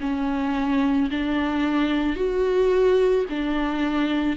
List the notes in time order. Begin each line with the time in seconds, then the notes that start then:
0.00 C#4
1.10 D4
2.16 F#4
3.29 D4